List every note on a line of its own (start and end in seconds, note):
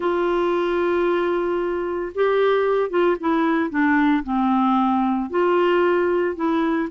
0.00 2.12 F4
2.15 2.90 G4
2.90 3.16 F4
3.20 3.70 E4
3.70 4.23 D4
4.23 5.30 C4
5.30 6.35 F4
6.35 6.89 E4